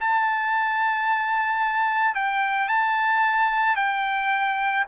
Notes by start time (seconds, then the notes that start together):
0.00 A5
2.14 G5
2.68 A5
3.76 G5